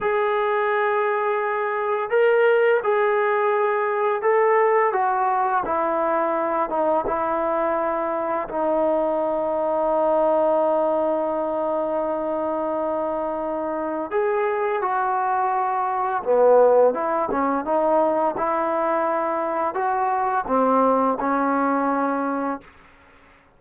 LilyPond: \new Staff \with { instrumentName = "trombone" } { \time 4/4 \tempo 4 = 85 gis'2. ais'4 | gis'2 a'4 fis'4 | e'4. dis'8 e'2 | dis'1~ |
dis'1 | gis'4 fis'2 b4 | e'8 cis'8 dis'4 e'2 | fis'4 c'4 cis'2 | }